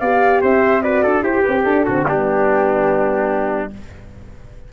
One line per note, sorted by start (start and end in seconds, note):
0.00 0.42 B3
0.00 0.82 G4
0.00 0.42 D5
0.00 0.41 F5
0.42 1.05 C4
0.42 0.83 C5
0.42 0.82 E5
0.82 1.23 F#4
0.82 1.03 B4
0.82 1.24 D5
1.03 1.23 D4
1.03 1.23 A4
1.23 1.43 E4
1.23 1.85 G4
1.23 1.66 G4
1.23 1.41 C5
1.41 1.62 B4
1.48 1.67 C4
1.64 1.86 D4
1.64 1.87 D4
1.64 2.05 A4
1.85 2.07 D3
1.85 2.06 C4
1.85 2.06 F#4
2.06 3.71 G3
2.06 3.70 B3
2.06 3.73 D4
2.06 3.70 G4